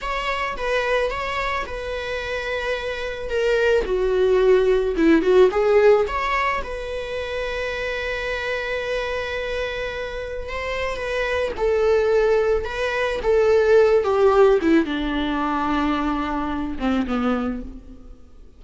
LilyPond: \new Staff \with { instrumentName = "viola" } { \time 4/4 \tempo 4 = 109 cis''4 b'4 cis''4 b'4~ | b'2 ais'4 fis'4~ | fis'4 e'8 fis'8 gis'4 cis''4 | b'1~ |
b'2. c''4 | b'4 a'2 b'4 | a'4. g'4 e'8 d'4~ | d'2~ d'8 c'8 b4 | }